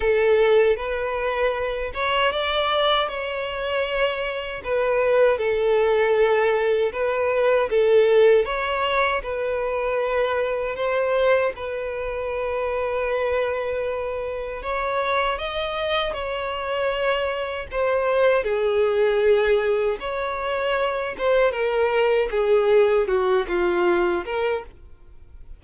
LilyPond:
\new Staff \with { instrumentName = "violin" } { \time 4/4 \tempo 4 = 78 a'4 b'4. cis''8 d''4 | cis''2 b'4 a'4~ | a'4 b'4 a'4 cis''4 | b'2 c''4 b'4~ |
b'2. cis''4 | dis''4 cis''2 c''4 | gis'2 cis''4. c''8 | ais'4 gis'4 fis'8 f'4 ais'8 | }